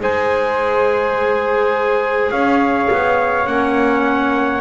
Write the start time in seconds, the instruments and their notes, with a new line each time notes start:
0.00 double bass G#3, clarinet G#4, flute C5, trumpet G#5
2.31 double bass C#4, flute C#5, trumpet F5
2.91 double bass B3
3.47 double bass A#3, clarinet C#4, trumpet F#5